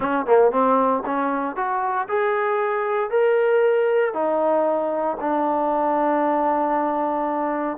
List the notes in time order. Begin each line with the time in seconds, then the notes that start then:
0.00 C#4
0.26 A#3
0.51 C4
1.05 C#4
1.55 F#4
2.08 G#4
3.10 A#4
4.13 D#4
5.20 D4